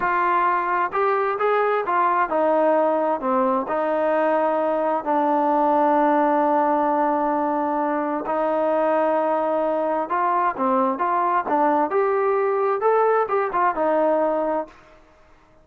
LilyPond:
\new Staff \with { instrumentName = "trombone" } { \time 4/4 \tempo 4 = 131 f'2 g'4 gis'4 | f'4 dis'2 c'4 | dis'2. d'4~ | d'1~ |
d'2 dis'2~ | dis'2 f'4 c'4 | f'4 d'4 g'2 | a'4 g'8 f'8 dis'2 | }